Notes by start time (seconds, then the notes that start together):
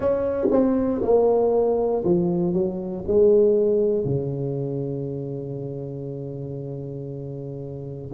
0.00 C#4
0.50 C4
1.02 A#3
2.04 F3
2.53 F#3
3.07 G#3
4.04 C#3